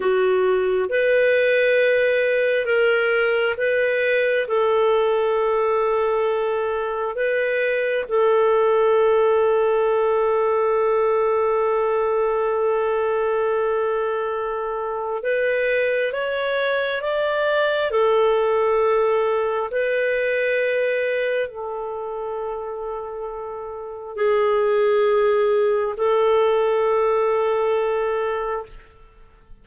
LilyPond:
\new Staff \with { instrumentName = "clarinet" } { \time 4/4 \tempo 4 = 67 fis'4 b'2 ais'4 | b'4 a'2. | b'4 a'2.~ | a'1~ |
a'4 b'4 cis''4 d''4 | a'2 b'2 | a'2. gis'4~ | gis'4 a'2. | }